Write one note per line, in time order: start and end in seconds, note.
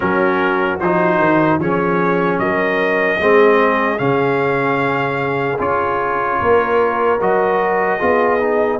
0.00 0.80 F#3
0.00 0.79 C#4
0.00 1.61 F#4
0.00 0.78 A#4
0.80 1.19 F3
0.80 1.60 D#4
0.80 1.60 C5
1.19 1.59 D#3
1.59 2.39 F3
1.59 3.20 C#4
1.59 2.41 G#4
1.59 2.39 C#5
2.39 3.19 F#3
2.39 3.20 A#4
2.39 3.98 D#5
3.20 3.99 G#3
3.20 3.97 C4
3.20 6.40 G#4
3.97 5.59 C#3
3.97 5.57 C#4
3.97 5.58 F5
5.58 6.39 C#4
5.58 7.19 F4
5.58 7.21 C#5
6.40 7.21 A#3
6.40 7.98 A#4
7.21 8.01 F#3
7.21 7.99 F#4
7.21 8.79 D#5
7.98 8.79 B3
7.98 8.39 F4
7.98 8.78 G#4
8.39 8.79 D#4